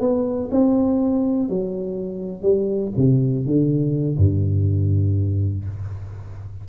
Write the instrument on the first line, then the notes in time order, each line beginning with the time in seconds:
tuba
0.00 B3
0.51 C4
1.49 F#3
2.42 G3
2.97 C3
3.46 D3
4.17 G2